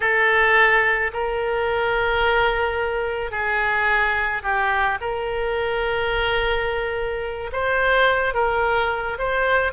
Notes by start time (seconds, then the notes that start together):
0.00 A4
1.13 A#4
3.31 G#4
4.42 G4
5.00 A#4
7.52 C5
8.34 A#4
9.18 C5